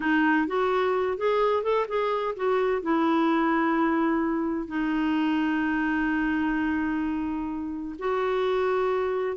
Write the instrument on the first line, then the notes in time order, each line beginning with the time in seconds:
clarinet
0.00 D#4
0.47 F#4
1.17 G#4
1.63 A4
1.87 G#4
2.36 F#4
2.81 E4
4.67 D#4
7.98 F#4